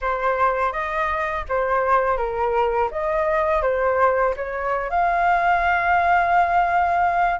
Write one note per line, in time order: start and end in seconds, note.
0.01 0.72 C5
0.72 1.44 D#5
1.48 2.17 C5
2.17 2.89 A#4
2.91 3.62 D#5
3.62 4.34 C5
4.36 4.90 C#5
4.90 7.39 F5